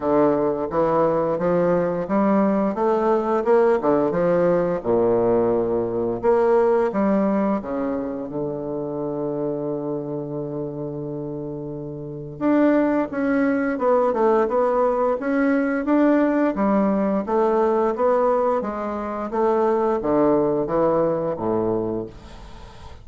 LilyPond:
\new Staff \with { instrumentName = "bassoon" } { \time 4/4 \tempo 4 = 87 d4 e4 f4 g4 | a4 ais8 d8 f4 ais,4~ | ais,4 ais4 g4 cis4 | d1~ |
d2 d'4 cis'4 | b8 a8 b4 cis'4 d'4 | g4 a4 b4 gis4 | a4 d4 e4 a,4 | }